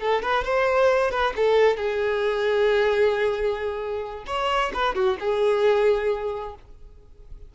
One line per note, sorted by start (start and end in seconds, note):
0.00 0.22 A4
0.22 0.44 B4
0.44 1.11 C5
1.11 1.33 B4
1.36 1.76 A4
1.76 4.24 G#4
4.26 4.71 C#5
4.73 4.95 B4
4.95 5.17 F#4
5.19 6.55 G#4